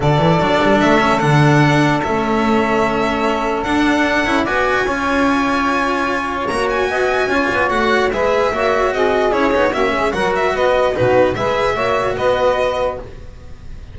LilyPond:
<<
  \new Staff \with { instrumentName = "violin" } { \time 4/4 \tempo 4 = 148 d''2 e''4 fis''4~ | fis''4 e''2.~ | e''4 fis''2 gis''4~ | gis''1 |
ais''8 gis''2~ gis''8 fis''4 | e''2 dis''4 cis''4 | e''4 fis''8 e''8 dis''4 b'4 | e''2 dis''2 | }
  \new Staff \with { instrumentName = "saxophone" } { \time 4/4 a'1~ | a'1~ | a'2. d''4 | cis''1~ |
cis''4 dis''4 cis''2 | b'4 cis''4 gis'2 | fis'8 gis'8 ais'4 b'4 fis'4 | b'4 cis''4 b'2 | }
  \new Staff \with { instrumentName = "cello" } { \time 4/4 fis'8 e'8 d'4. cis'8 d'4~ | d'4 cis'2.~ | cis'4 d'4. e'8 fis'4 | f'1 |
fis'2 f'4 fis'4 | gis'4 fis'2 e'8 dis'8 | cis'4 fis'2 dis'4 | gis'4 fis'2. | }
  \new Staff \with { instrumentName = "double bass" } { \time 4/4 d8 e8 fis8 g8 a4 d4~ | d4 a2.~ | a4 d'4. cis'8 b4 | cis'1 |
ais4 b4 cis'8 b8 a4 | gis4 ais4 c'4 cis'8 b8 | ais8 gis8 fis4 b4 b,4 | gis4 ais4 b2 | }
>>